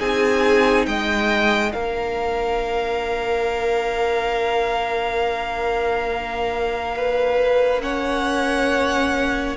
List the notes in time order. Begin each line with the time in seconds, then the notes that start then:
0.00 C4 D#4 G#4 G#5
0.86 G#3 D#5 G5
1.73 A#3 D4 A#4 F5
6.96 B4
7.82 C#4 C#5 F#5